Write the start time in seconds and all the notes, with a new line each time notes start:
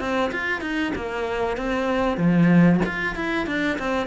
0.00 C4
0.32 F4
0.61 D#4
0.96 A#3
1.57 C4
2.18 F3
2.86 F4
3.16 E4
3.47 D4
3.79 C4